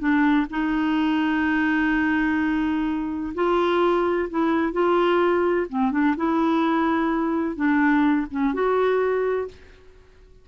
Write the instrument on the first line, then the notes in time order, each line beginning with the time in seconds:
clarinet
0.00 D4
0.51 D#4
3.35 F4
4.30 E4
4.73 F4
5.70 C4
5.92 D4
6.17 E4
7.56 D4
8.31 C#4
8.54 F#4